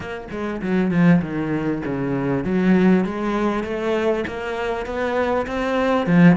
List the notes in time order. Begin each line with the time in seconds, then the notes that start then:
0.00 A#3
0.31 G#3
0.61 F#3
0.91 F3
1.21 D#3
1.85 C#3
2.44 F#3
3.04 G#3
3.63 A3
4.27 A#3
4.85 B3
5.46 C4
6.06 F3